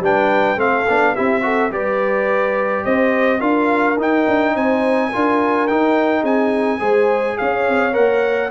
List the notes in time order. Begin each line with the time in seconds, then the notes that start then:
0.00 G3 D4 B4 G5
0.56 A3 C4 A4 F5
0.89 B3 D4
1.14 C4 E4 G4 E5
1.42 F#4 A4
1.71 G3 G4 B4 D5
2.85 C4 C5 D#5
3.39 D4 F4 A#4 F5
3.97 D#4 G5
4.27 D4
4.55 C4 C5 G#5
5.09 F4 A#4
5.15 D4
5.67 D#4 G5
6.21 C4 G#4 G#5
6.80 G#3 G#4 C5
7.38 C#4 C#5 F5
7.68 C4
7.93 A#3 A#4 F#5